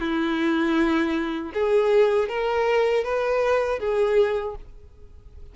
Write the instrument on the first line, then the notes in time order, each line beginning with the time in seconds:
violin
0.00 E4
1.54 G#4
2.29 A#4
3.04 B4
3.79 G#4